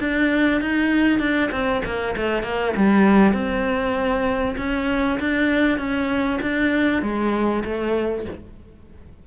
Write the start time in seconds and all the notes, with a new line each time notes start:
0.00 D4
0.61 D#4
1.20 D4
1.51 C4
1.85 A#3
2.17 A3
2.43 A#3
2.77 G3
3.33 C4
4.58 C#4
5.20 D4
5.79 C#4
6.42 D4
7.02 G#3
7.64 A3